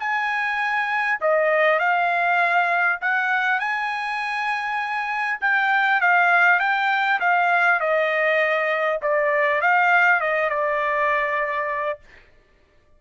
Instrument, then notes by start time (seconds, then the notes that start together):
trumpet
0.00 G#5
1.21 D#5
1.79 F5
3.01 F#5
3.60 G#5
5.41 G5
6.01 F5
6.59 G5
7.20 F5
7.80 D#5
9.02 D5
9.61 F5
10.21 D#5
10.50 D5